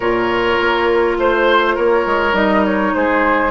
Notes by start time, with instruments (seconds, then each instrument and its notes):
0.00 bassoon A#2, clarinet F4, oboe A#4, flute C#5
0.59 bassoon A#3
1.17 bassoon A3, oboe C5, flute C5
1.75 bassoon A#3, oboe A#4, flute C#5
2.06 bassoon G#3
2.32 bassoon G3, clarinet D#4, flute D#5
2.65 flute C#5
2.94 bassoon G#3, oboe G#4, flute C5